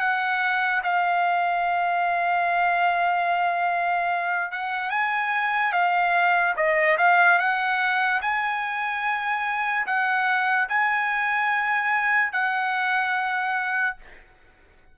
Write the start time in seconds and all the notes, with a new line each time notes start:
0.00 F#5
0.83 F5
4.52 F#5
4.91 G#5
5.73 F5
6.57 D#5
6.98 F5
7.39 F#5
8.22 G#5
9.87 F#5
10.69 G#5
12.33 F#5